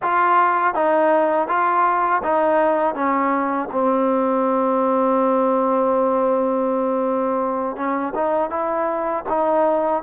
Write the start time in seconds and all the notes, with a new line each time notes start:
0.02 F4
0.74 D#4
1.47 F4
2.23 D#4
2.95 C#4
3.71 C4
7.76 C#4
8.14 D#4
8.50 E4
9.29 D#4